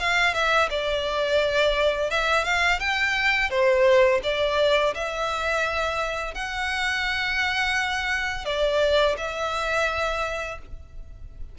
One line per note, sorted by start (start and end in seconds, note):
0.00 0.34 F5
0.34 0.69 E5
0.71 2.11 D5
2.11 2.45 E5
2.45 2.80 F5
2.80 3.50 G5
3.50 4.21 C5
4.24 4.94 D5
4.94 6.35 E5
6.35 8.46 F#5
8.46 9.16 D5
9.18 10.59 E5